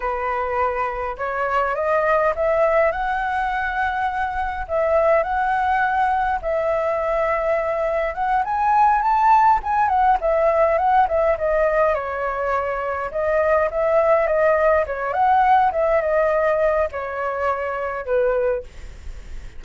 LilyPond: \new Staff \with { instrumentName = "flute" } { \time 4/4 \tempo 4 = 103 b'2 cis''4 dis''4 | e''4 fis''2. | e''4 fis''2 e''4~ | e''2 fis''8 gis''4 a''8~ |
a''8 gis''8 fis''8 e''4 fis''8 e''8 dis''8~ | dis''8 cis''2 dis''4 e''8~ | e''8 dis''4 cis''8 fis''4 e''8 dis''8~ | dis''4 cis''2 b'4 | }